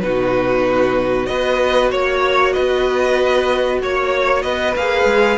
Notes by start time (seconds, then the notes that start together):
0.00 B2 D#4 F#4 B4
1.26 B3 F#4 B4 D#5
1.91 A#3 C#5
2.52 B3 B4 D#5
3.82 A#3 C#5
4.42 B3 B4 D#5
4.75 A#3 G#4 F5
5.04 G#3